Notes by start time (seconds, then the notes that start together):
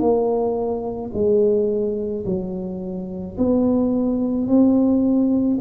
0.00 A#3
1.14 G#3
2.26 F#3
3.38 B3
4.47 C4